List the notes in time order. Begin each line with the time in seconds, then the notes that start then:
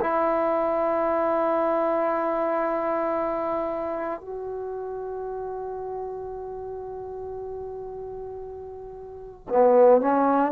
0.00 E4
4.21 F#4
9.49 B3
10.01 C#4